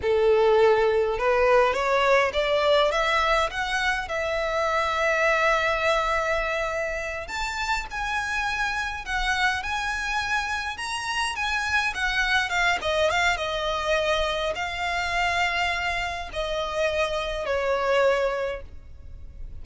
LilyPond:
\new Staff \with { instrumentName = "violin" } { \time 4/4 \tempo 4 = 103 a'2 b'4 cis''4 | d''4 e''4 fis''4 e''4~ | e''1~ | e''8 a''4 gis''2 fis''8~ |
fis''8 gis''2 ais''4 gis''8~ | gis''8 fis''4 f''8 dis''8 f''8 dis''4~ | dis''4 f''2. | dis''2 cis''2 | }